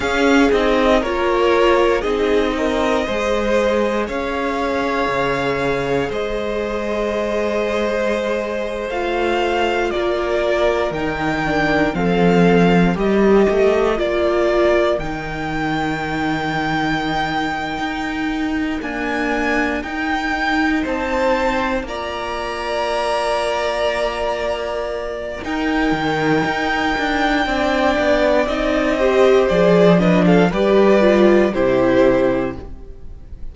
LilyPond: <<
  \new Staff \with { instrumentName = "violin" } { \time 4/4 \tempo 4 = 59 f''8 dis''8 cis''4 dis''2 | f''2 dis''2~ | dis''8. f''4 d''4 g''4 f''16~ | f''8. dis''4 d''4 g''4~ g''16~ |
g''2~ g''8 gis''4 g''8~ | g''8 a''4 ais''2~ ais''8~ | ais''4 g''2. | dis''4 d''8 dis''16 f''16 d''4 c''4 | }
  \new Staff \with { instrumentName = "violin" } { \time 4/4 gis'4 ais'4 gis'8 ais'8 c''4 | cis''2 c''2~ | c''4.~ c''16 ais'2 a'16~ | a'8. ais'2.~ ais'16~ |
ais'1~ | ais'8 c''4 d''2~ d''8~ | d''4 ais'2 d''4~ | d''8 c''4 b'16 a'16 b'4 g'4 | }
  \new Staff \with { instrumentName = "viola" } { \time 4/4 cis'8 dis'8 f'4 dis'4 gis'4~ | gis'1~ | gis'8. f'2 dis'8 d'8 c'16~ | c'8. g'4 f'4 dis'4~ dis'16~ |
dis'2~ dis'8 ais4 dis'8~ | dis'4. f'2~ f'8~ | f'4 dis'2 d'4 | dis'8 g'8 gis'8 d'8 g'8 f'8 e'4 | }
  \new Staff \with { instrumentName = "cello" } { \time 4/4 cis'8 c'8 ais4 c'4 gis4 | cis'4 cis4 gis2~ | gis8. a4 ais4 dis4 f16~ | f8. g8 a8 ais4 dis4~ dis16~ |
dis4. dis'4 d'4 dis'8~ | dis'8 c'4 ais2~ ais8~ | ais4 dis'8 dis8 dis'8 d'8 c'8 b8 | c'4 f4 g4 c4 | }
>>